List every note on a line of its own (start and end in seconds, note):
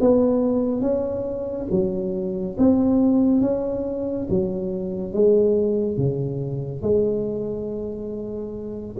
0.00 0.81 B3
0.81 1.66 C#4
1.70 2.56 F#3
2.58 3.41 C4
3.41 4.27 C#4
4.29 5.13 F#3
5.13 5.97 G#3
5.97 6.82 C#3
6.82 8.96 G#3